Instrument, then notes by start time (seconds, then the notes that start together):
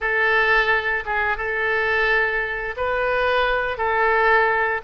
oboe
0.00 A4
1.05 G#4
1.37 A4
2.76 B4
3.77 A4